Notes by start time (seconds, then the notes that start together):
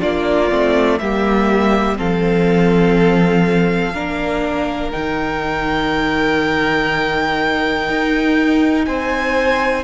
0.00 A#3 D4 F4 D5
0.50 A3 C4
0.99 G3 A#3 G4 E5
1.97 F3 C4 A4 F5
3.94 A#3 D4 A#4
4.92 D#3 D#4 G5
7.89 D#4
8.86 C4 C5 G#5